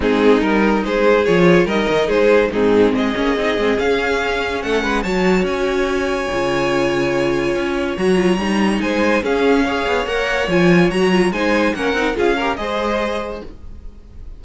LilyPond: <<
  \new Staff \with { instrumentName = "violin" } { \time 4/4 \tempo 4 = 143 gis'4 ais'4 c''4 cis''4 | dis''4 c''4 gis'4 dis''4~ | dis''4 f''2 fis''4 | a''4 gis''2.~ |
gis''2. ais''4~ | ais''4 gis''4 f''2 | fis''4 gis''4 ais''4 gis''4 | fis''4 f''4 dis''2 | }
  \new Staff \with { instrumentName = "violin" } { \time 4/4 dis'2 gis'2 | ais'4 gis'4 dis'4 gis'4~ | gis'2. a'8 b'8 | cis''1~ |
cis''1~ | cis''4 c''4 gis'4 cis''4~ | cis''2. c''4 | ais'4 gis'8 ais'8 c''2 | }
  \new Staff \with { instrumentName = "viola" } { \time 4/4 c'4 dis'2 f'4 | dis'2 c'4. cis'8 | dis'8 c'8 cis'2. | fis'2. f'4~ |
f'2. fis'8 f'8 | dis'2 cis'4 gis'4 | ais'4 f'4 fis'8 f'8 dis'4 | cis'8 dis'8 f'8 g'8 gis'2 | }
  \new Staff \with { instrumentName = "cello" } { \time 4/4 gis4 g4 gis4 f4 | g8 dis8 gis4 gis,4 gis8 ais8 | c'8 gis8 cis'2 a8 gis8 | fis4 cis'2 cis4~ |
cis2 cis'4 fis4 | g4 gis4 cis'4. b8 | ais4 f4 fis4 gis4 | ais8 c'8 cis'4 gis2 | }
>>